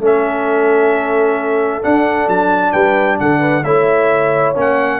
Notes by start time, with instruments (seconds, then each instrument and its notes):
0.00 tuba A3, trombone C#4, horn A4, trumpet E5
1.82 trombone D4, tuba D4, trumpet F#5
2.28 tuba F#3, trumpet A5
2.72 tuba G3, horn B4, trumpet G5
3.20 tuba D3, horn A4, trumpet F#5
3.40 horn B4
3.64 tuba A3, trombone E4, horn C#5, trumpet E5
4.55 tuba A#3, trombone C#4, trumpet F#5